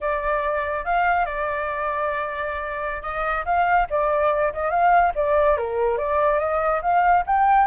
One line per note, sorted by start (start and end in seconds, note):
0.00 0.84 D5
0.84 1.25 F5
1.25 3.02 D5
3.02 3.44 D#5
3.45 3.87 F5
3.89 4.52 D5
4.53 4.70 D#5
4.70 5.12 F5
5.15 5.57 D5
5.57 5.97 A#4
5.97 6.39 D5
6.39 6.81 D#5
6.82 7.24 F5
7.26 7.67 G5